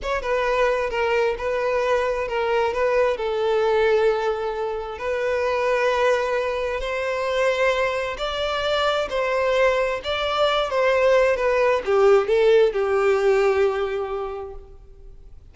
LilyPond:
\new Staff \with { instrumentName = "violin" } { \time 4/4 \tempo 4 = 132 cis''8 b'4. ais'4 b'4~ | b'4 ais'4 b'4 a'4~ | a'2. b'4~ | b'2. c''4~ |
c''2 d''2 | c''2 d''4. c''8~ | c''4 b'4 g'4 a'4 | g'1 | }